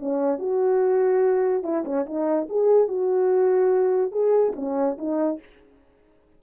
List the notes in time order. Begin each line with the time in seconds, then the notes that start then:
0.00 C#4
0.39 F#4
1.63 E4
1.85 C#4
2.06 D#4
2.49 G#4
2.88 F#4
4.12 G#4
4.56 C#4
4.98 D#4